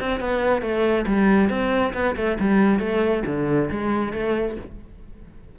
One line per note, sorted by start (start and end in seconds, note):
0.00 0.20 C4
0.20 0.62 B3
0.62 1.05 A3
1.07 1.50 G3
1.50 1.93 C4
1.94 2.16 B3
2.16 2.38 A3
2.39 2.79 G3
2.79 3.23 A3
3.26 3.70 D3
3.70 4.13 G#3
4.13 4.56 A3